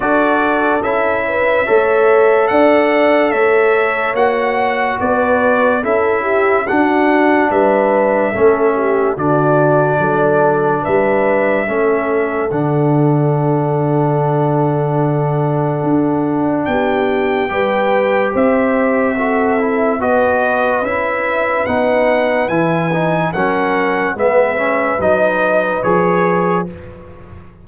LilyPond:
<<
  \new Staff \with { instrumentName = "trumpet" } { \time 4/4 \tempo 4 = 72 d''4 e''2 fis''4 | e''4 fis''4 d''4 e''4 | fis''4 e''2 d''4~ | d''4 e''2 fis''4~ |
fis''1 | g''2 e''2 | dis''4 e''4 fis''4 gis''4 | fis''4 e''4 dis''4 cis''4 | }
  \new Staff \with { instrumentName = "horn" } { \time 4/4 a'4. b'8 cis''4 d''4 | cis''2 b'4 a'8 g'8 | fis'4 b'4 a'8 g'8 fis'4 | a'4 b'4 a'2~ |
a'1 | g'4 b'4 c''4 a'4 | b'1 | ais'4 b'2. | }
  \new Staff \with { instrumentName = "trombone" } { \time 4/4 fis'4 e'4 a'2~ | a'4 fis'2 e'4 | d'2 cis'4 d'4~ | d'2 cis'4 d'4~ |
d'1~ | d'4 g'2 fis'8 e'8 | fis'4 e'4 dis'4 e'8 dis'8 | cis'4 b8 cis'8 dis'4 gis'4 | }
  \new Staff \with { instrumentName = "tuba" } { \time 4/4 d'4 cis'4 a4 d'4 | a4 ais4 b4 cis'4 | d'4 g4 a4 d4 | fis4 g4 a4 d4~ |
d2. d'4 | b4 g4 c'2 | b4 cis'4 b4 e4 | fis4 gis4 fis4 f4 | }
>>